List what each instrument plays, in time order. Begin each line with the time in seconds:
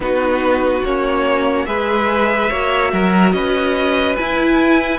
0.00 cello B3, viola D#4, violin F#4 B4
0.84 cello A#3, viola C#4, violin C#5
1.65 cello G#3, viola G#4, violin B4 E5
2.50 cello A#3, viola F#4, violin C#5
2.92 cello F#3, violin A#4
3.32 cello C#4, violin B4 D#5
4.16 viola E4, cello E4, violin G#5